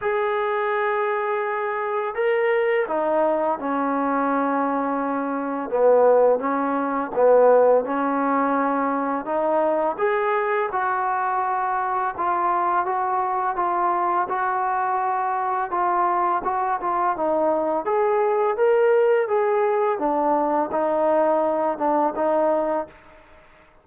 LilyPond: \new Staff \with { instrumentName = "trombone" } { \time 4/4 \tempo 4 = 84 gis'2. ais'4 | dis'4 cis'2. | b4 cis'4 b4 cis'4~ | cis'4 dis'4 gis'4 fis'4~ |
fis'4 f'4 fis'4 f'4 | fis'2 f'4 fis'8 f'8 | dis'4 gis'4 ais'4 gis'4 | d'4 dis'4. d'8 dis'4 | }